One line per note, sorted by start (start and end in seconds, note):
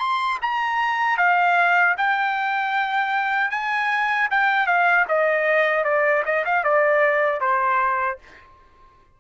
0.00 0.39 C6
0.42 1.18 A#5
1.18 1.96 F5
1.98 3.51 G5
3.51 4.29 G#5
4.31 4.67 G5
4.67 5.06 F5
5.09 5.84 D#5
5.84 6.23 D5
6.26 6.45 D#5
6.45 6.64 F5
6.64 7.41 D5
7.41 8.19 C5